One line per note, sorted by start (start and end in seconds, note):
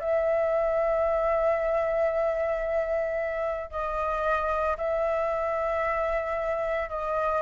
0.00 3.71 E5
3.71 4.77 D#5
4.78 6.90 E5
6.90 7.42 D#5